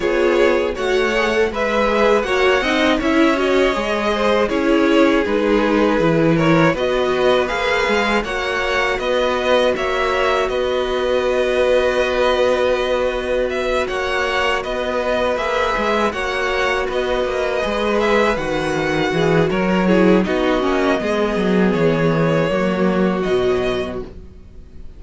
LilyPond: <<
  \new Staff \with { instrumentName = "violin" } { \time 4/4 \tempo 4 = 80 cis''4 fis''4 e''4 fis''4 | e''8 dis''4. cis''4 b'4~ | b'8 cis''8 dis''4 f''4 fis''4 | dis''4 e''4 dis''2~ |
dis''2 e''8 fis''4 dis''8~ | dis''8 e''4 fis''4 dis''4. | e''8 fis''4. cis''4 dis''4~ | dis''4 cis''2 dis''4 | }
  \new Staff \with { instrumentName = "violin" } { \time 4/4 gis'4 cis''4 b'4 cis''8 dis''8 | cis''4. c''8 gis'2~ | gis'8 ais'8 b'2 cis''4 | b'4 cis''4 b'2~ |
b'2~ b'8 cis''4 b'8~ | b'4. cis''4 b'4.~ | b'4. gis'8 ais'8 gis'8 fis'4 | gis'2 fis'2 | }
  \new Staff \with { instrumentName = "viola" } { \time 4/4 f'4 fis'8 gis'16 a'16 b'8 gis'8 fis'8 dis'8 | e'8 fis'8 gis'4 e'4 dis'4 | e'4 fis'4 gis'4 fis'4~ | fis'1~ |
fis'1~ | fis'8 gis'4 fis'2 gis'8~ | gis'8 fis'2 e'8 dis'8 cis'8 | b2 ais4 fis4 | }
  \new Staff \with { instrumentName = "cello" } { \time 4/4 b4 a4 gis4 ais8 c'8 | cis'4 gis4 cis'4 gis4 | e4 b4 ais8 gis8 ais4 | b4 ais4 b2~ |
b2~ b8 ais4 b8~ | b8 ais8 gis8 ais4 b8 ais8 gis8~ | gis8 dis4 e8 fis4 b8 ais8 | gis8 fis8 e4 fis4 b,4 | }
>>